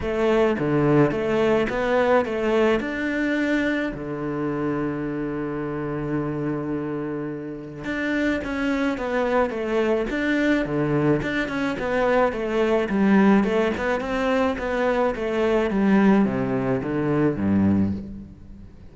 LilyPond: \new Staff \with { instrumentName = "cello" } { \time 4/4 \tempo 4 = 107 a4 d4 a4 b4 | a4 d'2 d4~ | d1~ | d2 d'4 cis'4 |
b4 a4 d'4 d4 | d'8 cis'8 b4 a4 g4 | a8 b8 c'4 b4 a4 | g4 c4 d4 g,4 | }